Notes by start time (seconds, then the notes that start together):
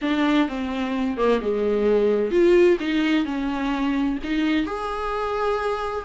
0.01 D4
0.48 C4
1.17 A#3
1.41 G#3
2.31 F4
2.79 D#4
3.25 C#4
4.23 D#4
4.66 G#4